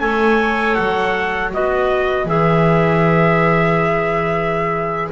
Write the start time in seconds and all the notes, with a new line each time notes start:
0.00 A3 A4 C#5 G#5
0.75 F#3 F#5
1.53 B3 F#4 B4 D#5
2.25 E3 G#4 E5